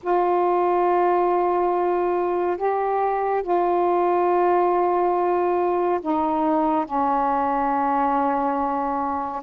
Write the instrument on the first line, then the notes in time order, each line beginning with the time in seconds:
saxophone
0.02 F4
2.57 G4
3.42 F4
6.01 D#4
6.85 C#4